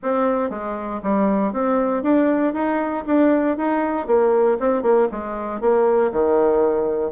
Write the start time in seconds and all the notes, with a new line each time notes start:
0.02 C4
0.50 G#3
1.03 G3
1.52 C4
2.02 D4
2.53 D#4
3.06 D4
3.57 D#4
4.07 A#3
4.59 C4
4.82 A#3
5.11 G#3
5.60 A#3
6.12 D#3